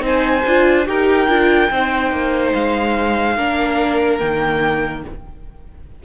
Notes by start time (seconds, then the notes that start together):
0.00 C4 D#4 C5 G#5
0.46 D4 F4
0.86 D#4 G4 A#4 G5
1.28 D4 F4
1.71 C4 D#4 C5
2.12 A#3
2.54 G#3 F5
3.37 A#3 D4 A#4
4.19 D#3 A#3 G5